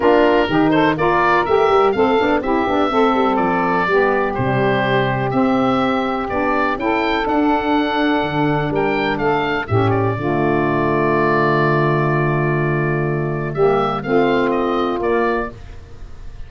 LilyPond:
<<
  \new Staff \with { instrumentName = "oboe" } { \time 4/4 \tempo 4 = 124 ais'4. c''8 d''4 e''4 | f''4 e''2 d''4~ | d''4 c''2 e''4~ | e''4 d''4 g''4 fis''4~ |
fis''2 g''4 f''4 | e''8 d''2.~ d''8~ | d''1 | e''4 f''4 dis''4 d''4 | }
  \new Staff \with { instrumentName = "saxophone" } { \time 4/4 f'4 g'8 a'8 ais'2 | a'4 g'4 a'2 | g'1~ | g'2 a'2~ |
a'2 ais'4 a'4 | g'4 f'2.~ | f'1 | g'4 f'2. | }
  \new Staff \with { instrumentName = "saxophone" } { \time 4/4 d'4 dis'4 f'4 g'4 | c'8 d'8 e'8 d'8 c'2 | b4 g2 c'4~ | c'4 d'4 e'4 d'4~ |
d'1 | cis'4 a2.~ | a1 | ais4 c'2 ais4 | }
  \new Staff \with { instrumentName = "tuba" } { \time 4/4 ais4 dis4 ais4 a8 g8 | a8 b8 c'8 b8 a8 g8 f4 | g4 c2 c'4~ | c'4 b4 cis'4 d'4~ |
d'4 d4 g4 a4 | a,4 d2.~ | d1 | g4 a2 ais4 | }
>>